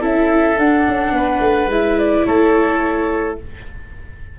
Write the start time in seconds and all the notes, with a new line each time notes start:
0.00 C#4 E4 A4 E5
0.58 D4 F#5
0.87 C#4
1.11 B3 B4
1.40 A3
1.66 G#3 E4 E5
1.99 D5
2.26 A3 A4 C#5